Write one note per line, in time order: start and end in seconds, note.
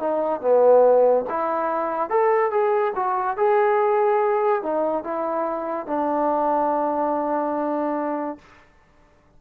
0.00 0.41 D#4
0.41 1.25 B3
1.30 2.10 E4
2.10 2.52 A4
2.52 2.94 G#4
2.96 3.38 F#4
3.38 4.63 G#4
4.63 5.04 D#4
5.04 5.87 E4
5.87 8.39 D4